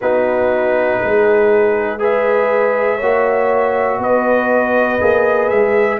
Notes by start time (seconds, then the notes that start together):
0.01 B3 D#4 F#4 B4
1.02 G#3 G#4
1.98 G#4 B4 E5
2.96 A#3 F#4 C#5
3.98 B3 B4 D#5
5.00 A#3 G#4
5.48 G#3 E5